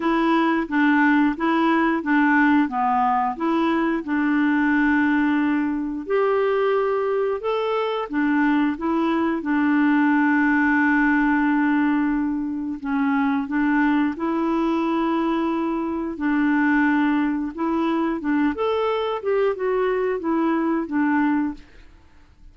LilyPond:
\new Staff \with { instrumentName = "clarinet" } { \time 4/4 \tempo 4 = 89 e'4 d'4 e'4 d'4 | b4 e'4 d'2~ | d'4 g'2 a'4 | d'4 e'4 d'2~ |
d'2. cis'4 | d'4 e'2. | d'2 e'4 d'8 a'8~ | a'8 g'8 fis'4 e'4 d'4 | }